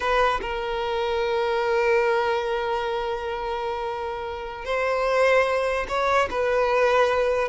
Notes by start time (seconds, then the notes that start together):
0.00 B4
0.41 A#4
4.64 C5
5.88 C#5
6.30 B4